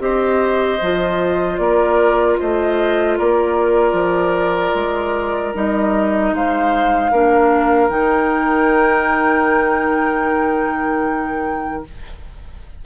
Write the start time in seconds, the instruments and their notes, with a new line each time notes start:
0.00 bassoon C4, clarinet G4, oboe C5, flute D#5
0.82 bassoon F3, clarinet F4
1.58 bassoon A#3, oboe A#4, flute D5
2.39 bassoon A3, oboe C5, flute D#5
3.18 bassoon A#3, oboe A#4, flute D5
3.93 bassoon F3
4.75 bassoon G#3
5.55 bassoon G3, clarinet D#4, flute D#5
6.33 bassoon G#3, oboe C5, flute F5
7.12 bassoon A#3, clarinet D4, oboe A#4
7.89 bassoon D#3, clarinet D#4, flute G5